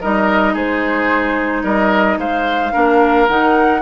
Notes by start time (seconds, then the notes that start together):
0.00 G3 D#4 A#4 D#5
0.53 G#3 G#4 C5
1.63 G3 A#4 D#5
2.17 G#3 C5 F5
2.72 A#3 D4 A#4
3.28 D#3 D#4 F#5